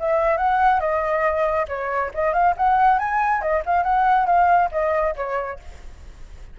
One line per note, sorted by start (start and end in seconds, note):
0.00 0.38 E5
0.38 0.80 F#5
0.80 1.67 D#5
1.68 2.12 C#5
2.14 2.33 D#5
2.33 2.55 F5
2.57 2.99 F#5
2.99 3.42 G#5
3.42 3.63 D#5
3.66 3.83 F5
3.83 4.27 F#5
4.27 4.70 F5
4.72 5.15 D#5
5.16 5.60 C#5